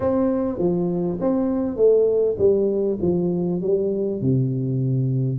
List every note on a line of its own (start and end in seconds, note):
0.00 0.58 C4
0.58 1.18 F3
1.20 1.76 C4
1.76 2.36 A3
2.38 2.98 G3
3.01 3.61 F3
3.61 4.21 G3
4.21 5.39 C3